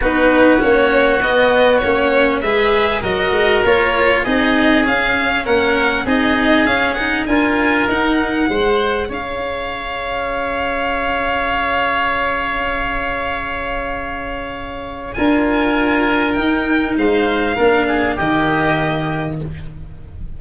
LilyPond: <<
  \new Staff \with { instrumentName = "violin" } { \time 4/4 \tempo 4 = 99 b'4 cis''4 dis''4 cis''4 | e''4 dis''4 cis''4 dis''4 | f''4 fis''4 dis''4 f''8 fis''8 | gis''4 fis''2 f''4~ |
f''1~ | f''1~ | f''4 gis''2 g''4 | f''2 dis''2 | }
  \new Staff \with { instrumentName = "oboe" } { \time 4/4 fis'1 | b'4 ais'2 gis'4~ | gis'4 ais'4 gis'2 | ais'2 c''4 cis''4~ |
cis''1~ | cis''1~ | cis''4 ais'2. | c''4 ais'8 gis'8 g'2 | }
  \new Staff \with { instrumentName = "cello" } { \time 4/4 dis'4 cis'4 b4 cis'4 | gis'4 fis'4 f'4 dis'4 | cis'2 dis'4 cis'8 dis'8 | f'4 dis'4 gis'2~ |
gis'1~ | gis'1~ | gis'4 f'2 dis'4~ | dis'4 d'4 ais2 | }
  \new Staff \with { instrumentName = "tuba" } { \time 4/4 b4 ais4 b4 ais4 | gis4 fis8 gis8 ais4 c'4 | cis'4 ais4 c'4 cis'4 | d'4 dis'4 gis4 cis'4~ |
cis'1~ | cis'1~ | cis'4 d'2 dis'4 | gis4 ais4 dis2 | }
>>